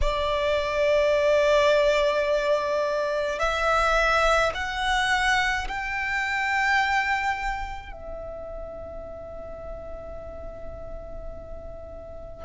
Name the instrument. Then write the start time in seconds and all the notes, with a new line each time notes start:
violin
0.01 D5
3.39 E5
4.54 F#5
5.68 G5
7.92 E5